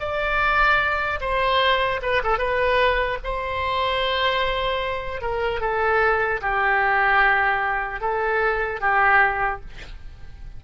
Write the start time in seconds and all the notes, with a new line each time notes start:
0.00 D5
1.21 C5
2.02 B4
2.24 A4
2.39 B4
3.24 C5
5.21 A#4
5.60 A4
6.41 G4
8.00 A4
8.81 G4